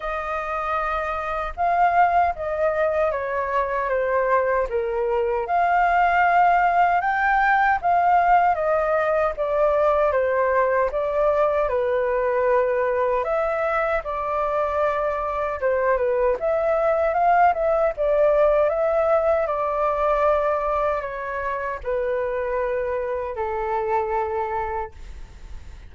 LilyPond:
\new Staff \with { instrumentName = "flute" } { \time 4/4 \tempo 4 = 77 dis''2 f''4 dis''4 | cis''4 c''4 ais'4 f''4~ | f''4 g''4 f''4 dis''4 | d''4 c''4 d''4 b'4~ |
b'4 e''4 d''2 | c''8 b'8 e''4 f''8 e''8 d''4 | e''4 d''2 cis''4 | b'2 a'2 | }